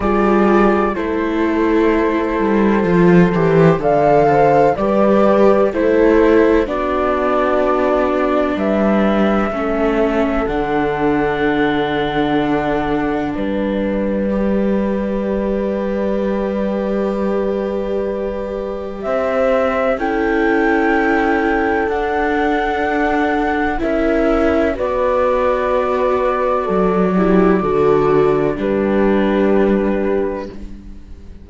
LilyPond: <<
  \new Staff \with { instrumentName = "flute" } { \time 4/4 \tempo 4 = 63 d''4 c''2. | f''4 d''4 c''4 d''4~ | d''4 e''2 fis''4~ | fis''2 d''2~ |
d''1 | e''4 g''2 fis''4~ | fis''4 e''4 d''2~ | d''2 b'2 | }
  \new Staff \with { instrumentName = "horn" } { \time 4/4 gis'4 a'2. | d''8 c''8 b'4 a'4 fis'4~ | fis'4 b'4 a'2~ | a'2 b'2~ |
b'1 | c''4 a'2.~ | a'4 ais'4 b'2 | a'8 g'8 a'4 g'2 | }
  \new Staff \with { instrumentName = "viola" } { \time 4/4 f'4 e'2 f'8 g'8 | a'4 g'4 e'4 d'4~ | d'2 cis'4 d'4~ | d'2. g'4~ |
g'1~ | g'4 e'2 d'4~ | d'4 e'4 fis'2~ | fis'8 e'8 fis'4 d'2 | }
  \new Staff \with { instrumentName = "cello" } { \time 4/4 g4 a4. g8 f8 e8 | d4 g4 a4 b4~ | b4 g4 a4 d4~ | d2 g2~ |
g1 | c'4 cis'2 d'4~ | d'4 cis'4 b2 | fis4 d4 g2 | }
>>